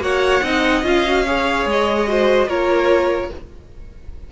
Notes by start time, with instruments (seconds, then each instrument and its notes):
0.00 cello A#3, viola F#4, violin C#5 F#5
0.43 cello C4, viola D#4, violin D#5
0.83 cello C#4, viola F4, violin F5
1.04 viola F#4
1.27 viola G#4, violin C#5
1.65 cello G#3, violin D#5
2.07 viola F#4, violin C5
2.48 cello A#3, viola F4, violin A#4 C#5